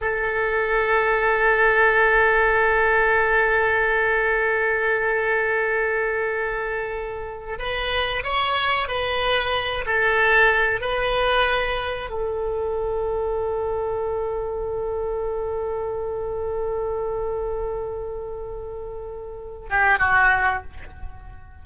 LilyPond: \new Staff \with { instrumentName = "oboe" } { \time 4/4 \tempo 4 = 93 a'1~ | a'1~ | a'2.~ a'8. b'16~ | b'8. cis''4 b'4. a'8.~ |
a'8. b'2 a'4~ a'16~ | a'1~ | a'1~ | a'2~ a'8 g'8 fis'4 | }